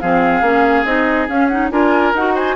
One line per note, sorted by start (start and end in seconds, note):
0.00 0.41 F3
0.00 0.43 C4
0.00 1.72 G#4
0.00 0.85 F5
0.41 0.84 A#3
0.41 0.86 C#4
0.85 1.28 C4
0.85 1.28 D#4
0.85 1.28 D#5
1.29 1.71 C#4
1.29 1.51 C#4
1.29 1.48 F5
1.48 1.71 D#4
1.48 1.70 F#5
1.71 2.13 D4
1.71 2.14 F4
1.71 2.35 A#4
1.71 2.14 G#5
2.14 2.57 D#4
2.14 2.57 F#4
2.14 2.37 F#5
2.35 2.56 C5
2.35 2.57 G#5